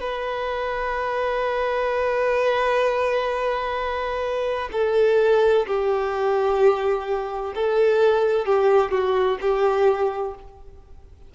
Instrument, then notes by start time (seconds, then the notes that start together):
violin
0.00 B4
4.72 A4
5.66 G4
7.55 A4
8.45 G4
8.91 F#4
9.40 G4